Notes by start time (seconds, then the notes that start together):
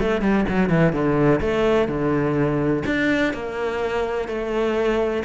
0.00 A3
0.21 G3
0.49 F#3
0.69 E3
0.93 D3
1.40 A3
1.88 D3
2.86 D4
3.34 A#3
4.28 A3